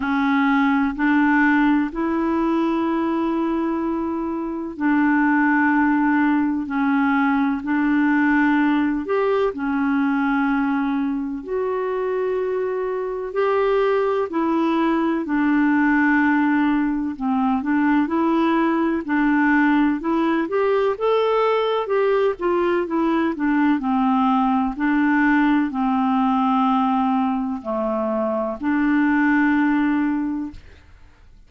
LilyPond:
\new Staff \with { instrumentName = "clarinet" } { \time 4/4 \tempo 4 = 63 cis'4 d'4 e'2~ | e'4 d'2 cis'4 | d'4. g'8 cis'2 | fis'2 g'4 e'4 |
d'2 c'8 d'8 e'4 | d'4 e'8 g'8 a'4 g'8 f'8 | e'8 d'8 c'4 d'4 c'4~ | c'4 a4 d'2 | }